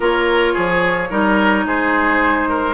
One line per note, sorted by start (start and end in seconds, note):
0.00 0.55 A#3
0.00 1.10 F4
0.00 0.53 A#4
0.00 1.67 C#5
0.53 1.10 F3
0.53 1.08 G#4
1.10 1.65 G3
1.10 2.74 D#4
1.10 1.65 A#4
1.66 2.74 G#3
1.66 2.49 G#4
1.66 2.74 C5
2.49 2.74 A#4